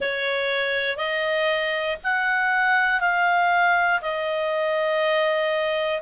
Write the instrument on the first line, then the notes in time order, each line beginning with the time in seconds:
clarinet
0.00 C#5
0.96 D#5
2.03 F#5
3.00 F5
4.01 D#5